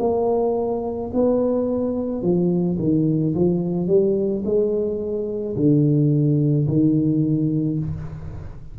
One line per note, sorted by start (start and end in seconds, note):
0.00 1.11 A#3
1.14 2.22 B3
2.22 2.78 F3
2.79 3.34 D#3
3.35 3.87 F3
3.87 4.43 G3
4.45 5.56 G#3
5.56 6.67 D3
6.68 7.79 D#3